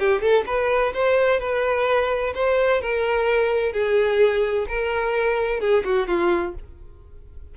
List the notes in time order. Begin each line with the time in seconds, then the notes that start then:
0.00 G4
0.22 A4
0.46 B4
0.94 C5
1.40 B4
2.35 C5
2.82 A#4
3.73 G#4
4.69 A#4
5.61 G#4
5.85 F#4
6.08 F4